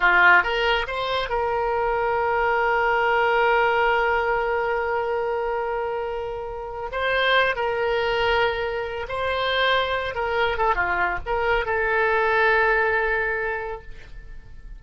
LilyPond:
\new Staff \with { instrumentName = "oboe" } { \time 4/4 \tempo 4 = 139 f'4 ais'4 c''4 ais'4~ | ais'1~ | ais'1~ | ais'1 |
c''4. ais'2~ ais'8~ | ais'4 c''2~ c''8 ais'8~ | ais'8 a'8 f'4 ais'4 a'4~ | a'1 | }